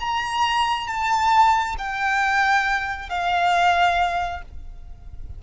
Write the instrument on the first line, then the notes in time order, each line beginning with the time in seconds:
violin
0.00 A#5
0.88 A5
1.78 G5
3.10 F5